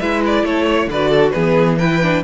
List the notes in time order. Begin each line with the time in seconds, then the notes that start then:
0.00 G#3 E4 B4 E5
0.26 D5
0.43 A3 A4 C#5
0.66 C#5
0.87 D3 B4 D5
0.94 F#4
1.10 A4
1.30 E3 B3 G#4 B4
1.78 E4 B4 G5
2.02 D4